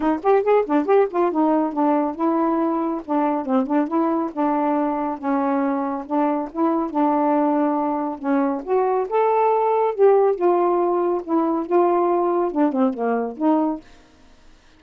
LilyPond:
\new Staff \with { instrumentName = "saxophone" } { \time 4/4 \tempo 4 = 139 dis'8 g'8 gis'8 d'8 g'8 f'8 dis'4 | d'4 e'2 d'4 | c'8 d'8 e'4 d'2 | cis'2 d'4 e'4 |
d'2. cis'4 | fis'4 a'2 g'4 | f'2 e'4 f'4~ | f'4 d'8 c'8 ais4 dis'4 | }